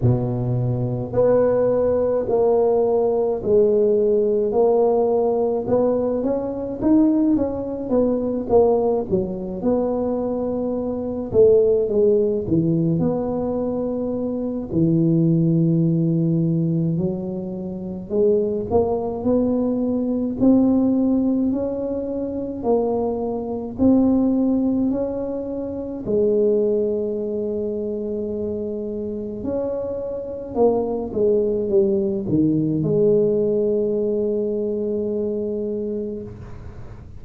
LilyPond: \new Staff \with { instrumentName = "tuba" } { \time 4/4 \tempo 4 = 53 b,4 b4 ais4 gis4 | ais4 b8 cis'8 dis'8 cis'8 b8 ais8 | fis8 b4. a8 gis8 e8 b8~ | b4 e2 fis4 |
gis8 ais8 b4 c'4 cis'4 | ais4 c'4 cis'4 gis4~ | gis2 cis'4 ais8 gis8 | g8 dis8 gis2. | }